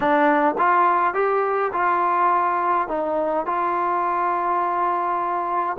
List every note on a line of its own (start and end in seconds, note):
0.00 0.55 D4
0.58 1.14 F4
1.14 1.72 G4
1.73 2.88 F4
2.88 3.45 D#4
3.46 5.76 F4